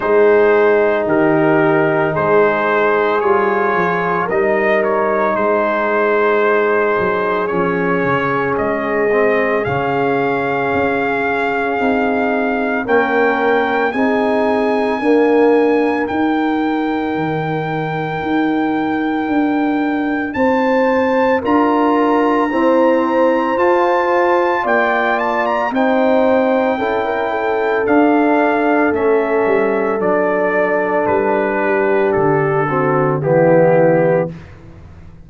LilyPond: <<
  \new Staff \with { instrumentName = "trumpet" } { \time 4/4 \tempo 4 = 56 c''4 ais'4 c''4 cis''4 | dis''8 cis''8 c''2 cis''4 | dis''4 f''2. | g''4 gis''2 g''4~ |
g''2. a''4 | ais''2 a''4 g''8 a''16 ais''16 | g''2 f''4 e''4 | d''4 b'4 a'4 g'4 | }
  \new Staff \with { instrumentName = "horn" } { \time 4/4 gis'4 g'4 gis'2 | ais'4 gis'2.~ | gis'1 | ais'4 gis'4 ais'2~ |
ais'2. c''4 | ais'4 c''2 d''4 | c''4 a'16 ais'16 a'2~ a'8~ | a'4. g'4 fis'8 e'4 | }
  \new Staff \with { instrumentName = "trombone" } { \time 4/4 dis'2. f'4 | dis'2. cis'4~ | cis'8 c'8 cis'2 dis'4 | cis'4 dis'4 ais4 dis'4~ |
dis'1 | f'4 c'4 f'2 | dis'4 e'4 d'4 cis'4 | d'2~ d'8 c'8 b4 | }
  \new Staff \with { instrumentName = "tuba" } { \time 4/4 gis4 dis4 gis4 g8 f8 | g4 gis4. fis8 f8 cis8 | gis4 cis4 cis'4 c'4 | ais4 c'4 d'4 dis'4 |
dis4 dis'4 d'4 c'4 | d'4 e'4 f'4 ais4 | c'4 cis'4 d'4 a8 g8 | fis4 g4 d4 e4 | }
>>